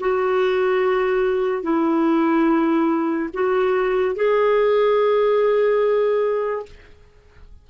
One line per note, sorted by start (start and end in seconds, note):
0.00 1.62 F#4
1.62 3.29 E4
3.33 4.15 F#4
4.15 6.65 G#4